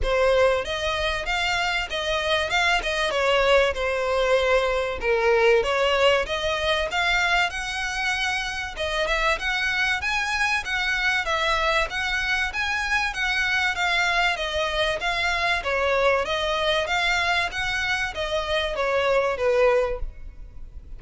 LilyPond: \new Staff \with { instrumentName = "violin" } { \time 4/4 \tempo 4 = 96 c''4 dis''4 f''4 dis''4 | f''8 dis''8 cis''4 c''2 | ais'4 cis''4 dis''4 f''4 | fis''2 dis''8 e''8 fis''4 |
gis''4 fis''4 e''4 fis''4 | gis''4 fis''4 f''4 dis''4 | f''4 cis''4 dis''4 f''4 | fis''4 dis''4 cis''4 b'4 | }